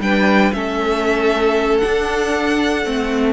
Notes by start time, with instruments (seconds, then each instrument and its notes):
0.00 cello G3, viola D4, violin B4 G5
0.52 cello A3, viola C#4, violin A4 E5
1.78 viola D4, cello D4, violin F#5
2.85 cello A3, viola C4